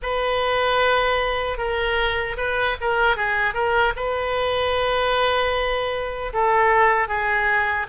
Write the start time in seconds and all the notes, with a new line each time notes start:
0.02 B4
1.57 A#4
2.37 B4
2.80 A#4
3.16 G#4
3.53 A#4
3.95 B4
6.33 A4
7.08 G#4